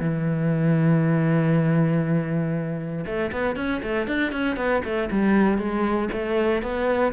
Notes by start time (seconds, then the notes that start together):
0.00 E3
3.06 A3
3.32 B3
3.56 C#4
3.83 A3
4.07 D4
4.32 C#4
4.56 B3
4.84 A3
5.11 G3
5.58 G#3
6.12 A3
6.62 B3